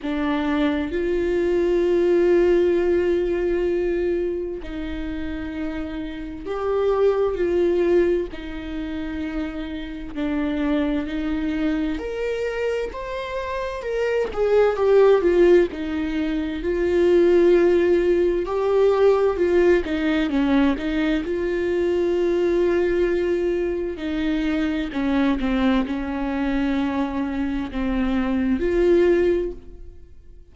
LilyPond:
\new Staff \with { instrumentName = "viola" } { \time 4/4 \tempo 4 = 65 d'4 f'2.~ | f'4 dis'2 g'4 | f'4 dis'2 d'4 | dis'4 ais'4 c''4 ais'8 gis'8 |
g'8 f'8 dis'4 f'2 | g'4 f'8 dis'8 cis'8 dis'8 f'4~ | f'2 dis'4 cis'8 c'8 | cis'2 c'4 f'4 | }